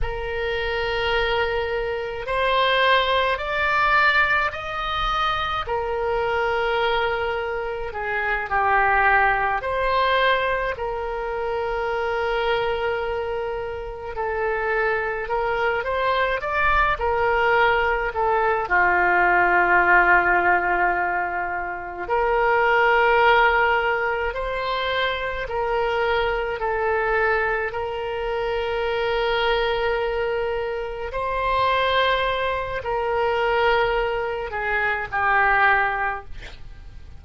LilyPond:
\new Staff \with { instrumentName = "oboe" } { \time 4/4 \tempo 4 = 53 ais'2 c''4 d''4 | dis''4 ais'2 gis'8 g'8~ | g'8 c''4 ais'2~ ais'8~ | ais'8 a'4 ais'8 c''8 d''8 ais'4 |
a'8 f'2. ais'8~ | ais'4. c''4 ais'4 a'8~ | a'8 ais'2. c''8~ | c''4 ais'4. gis'8 g'4 | }